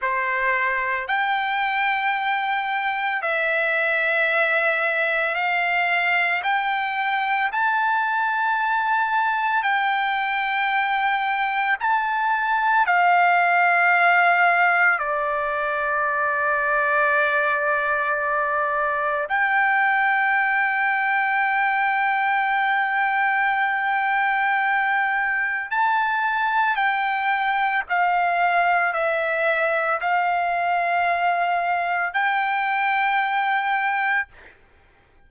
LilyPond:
\new Staff \with { instrumentName = "trumpet" } { \time 4/4 \tempo 4 = 56 c''4 g''2 e''4~ | e''4 f''4 g''4 a''4~ | a''4 g''2 a''4 | f''2 d''2~ |
d''2 g''2~ | g''1 | a''4 g''4 f''4 e''4 | f''2 g''2 | }